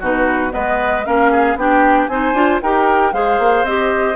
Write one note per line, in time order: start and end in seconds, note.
0.00 0.53 B2
0.00 0.51 D#4
0.00 0.52 F#4
0.00 0.53 B4
0.51 1.07 G#3
0.51 1.03 B3
0.51 1.05 B4
0.51 1.05 D#5
1.05 1.55 A#3
1.05 1.58 C#4
1.05 1.31 A#4
1.05 1.57 F5
1.31 1.57 G#4
1.55 2.08 B3
1.55 2.10 D4
1.55 2.11 G4
1.55 2.07 G5
2.07 2.33 C4
2.07 2.35 D#4
2.07 2.62 C5
2.07 2.59 G#5
2.33 2.59 D4
2.33 2.61 F4
2.62 3.13 D#4
2.62 3.13 G4
2.62 3.14 A#4
2.62 3.13 G5
3.13 3.39 G#3
3.13 3.66 G#4
3.13 4.15 C5
3.13 3.65 F5
3.39 3.63 A#3
3.63 4.15 C4
3.63 4.15 G4
3.63 4.15 D#5